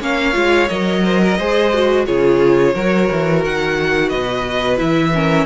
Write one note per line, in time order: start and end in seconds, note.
0.00 0.35 A#3
0.00 0.33 C#4
0.00 1.02 C#5
0.00 0.69 F5
0.33 0.70 G#3
0.33 0.67 F4
0.69 1.39 F#3
0.69 1.38 A#4
0.69 2.05 D#5
1.04 1.21 C5
1.23 1.38 A#4
1.38 2.07 G#3
1.38 1.74 G#4
1.38 2.06 C5
1.74 2.06 F#4
2.06 2.75 C#3
2.06 2.75 F4
2.06 2.74 G#4
2.06 3.43 C#5
2.74 3.09 F#3
2.74 4.77 F#4
2.74 4.09 A#4
3.12 3.45 E3
3.45 4.13 D#3
3.45 4.09 F#5
4.09 4.80 B2
4.09 5.11 B4
4.09 4.77 D#5
4.77 5.46 E3
4.77 5.11 E4
4.77 5.46 E5
5.14 5.46 C#4
5.14 5.46 A#4